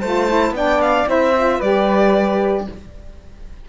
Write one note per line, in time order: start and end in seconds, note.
0.00 0.51 A3
0.00 0.28 F4
0.00 0.53 C5
0.00 0.53 A5
0.28 0.55 E4
0.51 1.04 B3
0.51 1.06 D4
0.51 1.09 D5
0.51 0.81 G5
0.81 1.07 F5
1.06 1.60 C4
1.06 1.33 E4
1.06 1.58 C5
1.06 1.61 E5
1.36 1.62 F4
1.58 2.67 G3
1.58 2.68 G4
1.58 2.64 B4
1.58 2.67 D5